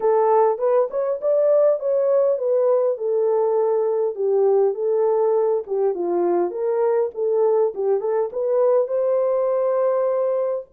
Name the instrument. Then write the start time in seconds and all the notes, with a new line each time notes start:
horn
0.00 A4
0.58 B4
0.90 C#5
1.21 D5
1.79 C#5
2.38 B4
2.97 A4
4.15 G4
4.74 A4
5.66 G4
5.94 F4
6.50 A#4
7.14 A4
7.74 G4
8.00 A4
8.32 B4
8.87 C5